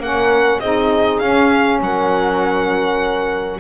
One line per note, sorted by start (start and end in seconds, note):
0.00 0.60 A#3
0.00 0.62 C#4
0.00 0.62 A#4
0.00 0.60 F#5
0.60 1.21 C4
0.60 1.24 D#4
0.60 1.82 G#4
0.60 1.20 D#5
1.20 1.80 C#4
1.20 3.60 C#4
1.20 1.79 F5
1.80 3.60 F#3
1.80 3.60 A#4
1.80 3.60 F#5